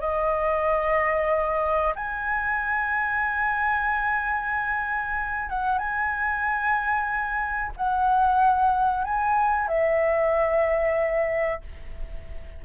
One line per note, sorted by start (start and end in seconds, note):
0.00 1.94 D#5
1.95 5.49 G#5
5.49 5.78 F#5
5.78 7.72 G#5
7.77 9.04 F#5
9.04 9.68 G#5
9.68 11.61 E5